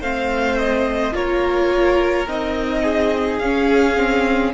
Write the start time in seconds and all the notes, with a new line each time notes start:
0.00 A3 C4 C5 F5
0.58 D#5
1.13 A#3 F4 A#4 C#5
2.28 C4 D#4 D#5
2.83 G#4
3.39 C#4 F5
3.97 C4